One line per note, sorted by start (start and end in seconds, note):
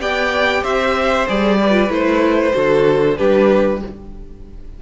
0.00 0.63 B3
0.00 1.27 G4
0.00 0.62 D5
0.00 0.64 G5
0.62 1.27 C4
0.62 1.57 C5
0.62 1.27 E5
1.28 1.90 G3
1.28 1.59 G#4
1.28 1.92 D5
1.60 1.72 G4
1.60 2.56 B4
1.72 1.88 F4
1.89 2.53 A3
1.89 2.52 E4
1.89 3.17 C5
2.53 3.19 D3
2.53 3.16 F#4
2.53 3.18 A4
3.17 3.82 G3
3.17 3.81 D4
3.17 3.81 G4
3.17 3.81 B4